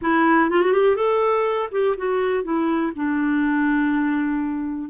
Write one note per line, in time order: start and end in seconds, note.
0.01 0.49 E4
0.49 0.62 F4
0.62 0.72 F#4
0.72 0.96 G4
0.96 1.69 A4
1.71 1.95 G4
1.97 2.43 F#4
2.43 2.92 E4
2.95 4.89 D4